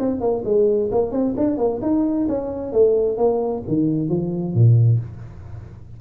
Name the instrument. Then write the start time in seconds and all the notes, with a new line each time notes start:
tuba
0.00 C4
0.21 A#3
0.45 G#3
0.92 A#3
1.12 C4
1.38 D4
1.58 A#3
1.82 D#4
2.29 C#4
2.73 A3
3.18 A#3
3.68 D#3
4.10 F3
4.55 A#2